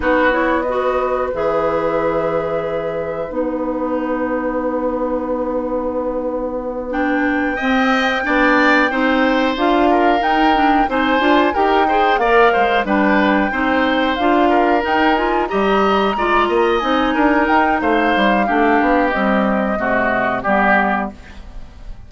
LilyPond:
<<
  \new Staff \with { instrumentName = "flute" } { \time 4/4 \tempo 4 = 91 b'8 cis''8 dis''4 e''2~ | e''4 fis''2.~ | fis''2~ fis''8 g''4.~ | g''2~ g''8 f''4 g''8~ |
g''8 gis''4 g''4 f''4 g''8~ | g''4. f''4 g''8 gis''8 ais''8~ | ais''4. gis''4 g''8 f''4~ | f''4 dis''2 d''4 | }
  \new Staff \with { instrumentName = "oboe" } { \time 4/4 fis'4 b'2.~ | b'1~ | b'2.~ b'8 dis''8~ | dis''8 d''4 c''4. ais'4~ |
ais'8 c''4 ais'8 c''8 d''8 c''8 b'8~ | b'8 c''4. ais'4. dis''8~ | dis''8 d''8 dis''4 ais'4 c''4 | g'2 fis'4 g'4 | }
  \new Staff \with { instrumentName = "clarinet" } { \time 4/4 dis'8 e'8 fis'4 gis'2~ | gis'4 dis'2.~ | dis'2~ dis'8 d'4 c'8~ | c'8 d'4 dis'4 f'4 dis'8 |
d'8 dis'8 f'8 g'8 gis'8 ais'4 d'8~ | d'8 dis'4 f'4 dis'8 f'8 g'8~ | g'8 f'4 dis'2~ dis'8 | d'4 g4 a4 b4 | }
  \new Staff \with { instrumentName = "bassoon" } { \time 4/4 b2 e2~ | e4 b2.~ | b2.~ b8 c'8~ | c'8 b4 c'4 d'4 dis'8~ |
dis'8 c'8 d'8 dis'4 ais8 gis8 g8~ | g8 c'4 d'4 dis'4 g8~ | g8 gis8 ais8 c'8 d'8 dis'8 a8 g8 | a8 b8 c'4 c4 g4 | }
>>